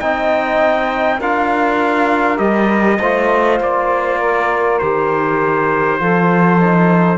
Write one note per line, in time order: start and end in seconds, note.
0.00 1.21 C4
0.00 1.20 D#4
0.00 1.18 D#5
0.00 1.20 G5
1.18 2.39 D4
1.18 2.37 F4
1.18 2.98 A#4
1.18 2.38 F5
2.37 2.99 G3
2.37 2.97 G4
2.37 3.58 D#5
3.00 3.60 A3
3.00 4.82 F4
3.00 4.20 C5
3.60 4.80 A#3
3.60 4.79 D5
4.20 6.00 A#4
4.79 6.01 D#3
4.79 5.99 G4
4.79 7.18 C5
5.99 7.18 F3
5.99 6.59 F4
5.99 7.18 A4
6.61 7.18 D#4